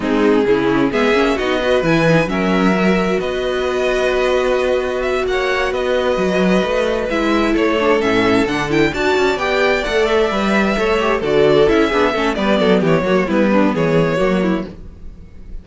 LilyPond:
<<
  \new Staff \with { instrumentName = "violin" } { \time 4/4 \tempo 4 = 131 gis'2 e''4 dis''4 | gis''4 e''2 dis''4~ | dis''2. e''8 fis''8~ | fis''8 dis''2. e''8~ |
e''8 cis''4 e''4 fis''8 g''8 a''8~ | a''8 g''4 fis''8 e''2~ | e''8 d''4 e''4. d''4 | cis''4 b'4 cis''2 | }
  \new Staff \with { instrumentName = "violin" } { \time 4/4 dis'4 e'4 gis'4 fis'8 b'8~ | b'4 ais'2 b'4~ | b'2.~ b'8 cis''8~ | cis''8 b'2.~ b'8~ |
b'8 a'2. d''8~ | d''2.~ d''8 cis''8~ | cis''8 a'4. gis'8 a'8 b'8 a'8 | g'8 fis'8 e'8 d'8 gis'4 fis'8 e'8 | }
  \new Staff \with { instrumentName = "viola" } { \time 4/4 c'4 cis'4 b8 cis'8 dis'8 fis'8 | e'8 dis'8 cis'4 fis'2~ | fis'1~ | fis'2.~ fis'8 e'8~ |
e'4 d'8 cis'4 d'8 e'8 fis'8~ | fis'8 g'4 a'4 b'4 a'8 | g'8 fis'4 e'8 d'8 cis'8 b4~ | b8 ais8 b2 ais4 | }
  \new Staff \with { instrumentName = "cello" } { \time 4/4 gis4 cis4 gis8 ais8 b4 | e4 fis2 b4~ | b2.~ b8 ais8~ | ais8 b4 fis4 a4 gis8~ |
gis8 a4 a,4 d4 d'8 | cis'8 b4 a4 g4 a8~ | a8 d4 cis'8 b8 a8 g8 fis8 | e8 fis8 g4 e4 fis4 | }
>>